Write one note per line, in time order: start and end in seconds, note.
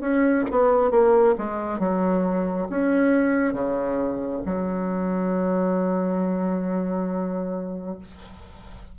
0.00 0.44 C#4
0.51 0.91 B3
0.91 1.35 A#3
1.38 1.79 G#3
1.79 2.67 F#3
2.69 3.53 C#4
3.53 4.41 C#3
4.45 7.98 F#3